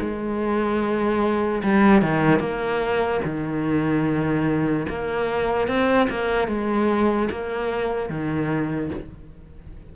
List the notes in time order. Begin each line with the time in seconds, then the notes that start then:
0.00 G#3
1.63 G3
2.02 D#3
2.39 A#3
3.24 D#3
4.89 A#3
5.68 C4
6.10 A#3
6.48 G#3
7.30 A#3
8.09 D#3